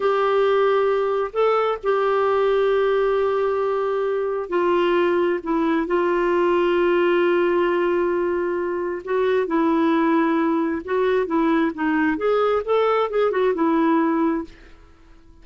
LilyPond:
\new Staff \with { instrumentName = "clarinet" } { \time 4/4 \tempo 4 = 133 g'2. a'4 | g'1~ | g'2 f'2 | e'4 f'2.~ |
f'1 | fis'4 e'2. | fis'4 e'4 dis'4 gis'4 | a'4 gis'8 fis'8 e'2 | }